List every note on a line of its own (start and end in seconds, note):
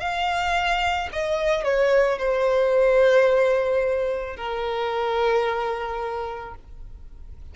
0.00 1.09 F5
1.13 1.64 D#5
1.64 2.18 C#5
2.18 4.36 C5
4.36 6.55 A#4